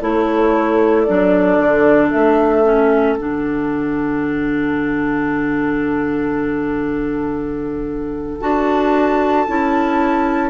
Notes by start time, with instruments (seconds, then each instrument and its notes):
0.00 bassoon A3, clarinet E4, oboe A4, flute C#5
1.02 clarinet D4, flute D5
1.09 bassoon F#3
1.58 bassoon D3
2.12 bassoon A3, flute E5
2.65 clarinet C#4
3.15 bassoon D3, clarinet D4, flute F#5
8.41 bassoon D4, clarinet F#4, flute A5
9.48 bassoon C#4, clarinet E4